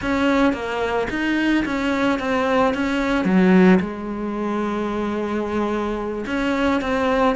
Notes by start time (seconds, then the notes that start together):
0.01 C#4
0.53 A#3
1.10 D#4
1.65 C#4
2.19 C4
2.74 C#4
3.24 F#3
3.80 G#3
6.26 C#4
6.81 C4